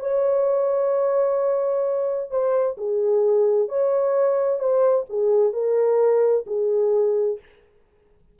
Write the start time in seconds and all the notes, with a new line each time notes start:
0.00 C#5
2.31 C5
2.78 G#4
3.69 C#5
4.60 C5
5.10 G#4
5.53 A#4
6.47 G#4